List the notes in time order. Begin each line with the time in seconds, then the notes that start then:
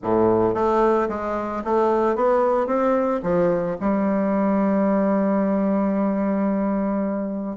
0.02 A2
0.54 A3
1.09 G#3
1.64 A3
2.15 B3
2.66 C4
3.23 F3
3.80 G3